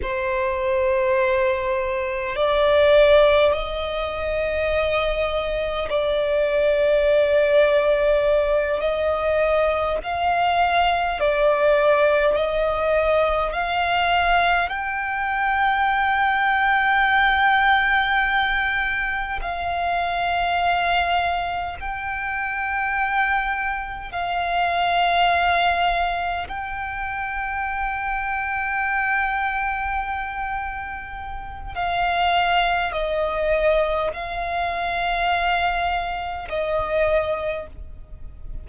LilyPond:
\new Staff \with { instrumentName = "violin" } { \time 4/4 \tempo 4 = 51 c''2 d''4 dis''4~ | dis''4 d''2~ d''8 dis''8~ | dis''8 f''4 d''4 dis''4 f''8~ | f''8 g''2.~ g''8~ |
g''8 f''2 g''4.~ | g''8 f''2 g''4.~ | g''2. f''4 | dis''4 f''2 dis''4 | }